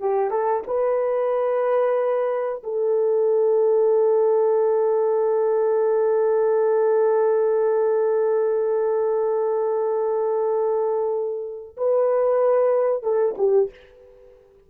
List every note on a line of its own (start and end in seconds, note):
0.00 0.31 G4
0.31 0.63 A4
0.67 2.63 B4
2.64 11.77 A4
11.77 13.03 B4
13.03 13.36 A4
13.38 13.70 G4